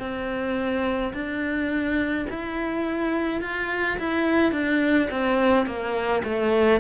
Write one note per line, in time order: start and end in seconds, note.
0.00 1.13 C4
1.14 2.27 D4
2.31 3.42 E4
3.42 3.98 F4
3.99 4.52 E4
4.52 5.09 D4
5.11 5.67 C4
5.67 6.23 A#3
6.24 6.81 A3